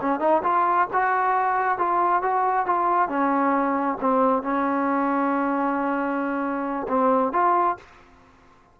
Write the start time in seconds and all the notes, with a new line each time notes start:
0.00 C#4
0.19 D#4
0.43 F4
0.93 F#4
1.78 F4
2.22 F#4
2.66 F4
3.08 C#4
4.00 C4
4.42 C#4
6.88 C4
7.32 F4